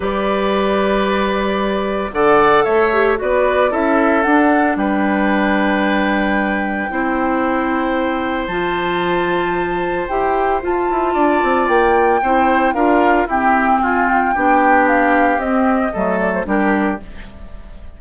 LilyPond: <<
  \new Staff \with { instrumentName = "flute" } { \time 4/4 \tempo 4 = 113 d''1 | fis''4 e''4 d''4 e''4 | fis''4 g''2.~ | g''1 |
a''2. g''4 | a''2 g''2 | f''4 g''4 gis''8 g''4. | f''4 dis''4. d''16 c''16 ais'4 | }
  \new Staff \with { instrumentName = "oboe" } { \time 4/4 b'1 | d''4 cis''4 b'4 a'4~ | a'4 b'2.~ | b'4 c''2.~ |
c''1~ | c''4 d''2 c''4 | ais'4 g'4 f'4 g'4~ | g'2 a'4 g'4 | }
  \new Staff \with { instrumentName = "clarinet" } { \time 4/4 g'1 | a'4. g'8 fis'4 e'4 | d'1~ | d'4 e'2. |
f'2. g'4 | f'2. e'4 | f'4 c'2 d'4~ | d'4 c'4 a4 d'4 | }
  \new Staff \with { instrumentName = "bassoon" } { \time 4/4 g1 | d4 a4 b4 cis'4 | d'4 g2.~ | g4 c'2. |
f2. e'4 | f'8 e'8 d'8 c'8 ais4 c'4 | d'4 e'4 f'4 b4~ | b4 c'4 fis4 g4 | }
>>